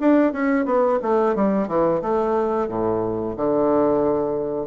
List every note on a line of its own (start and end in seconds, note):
0.00 0.32 D4
0.32 0.65 C#4
0.65 0.99 B3
1.02 1.35 A3
1.35 1.68 G3
1.68 2.01 E3
2.02 2.68 A3
2.68 3.36 A2
3.36 4.66 D3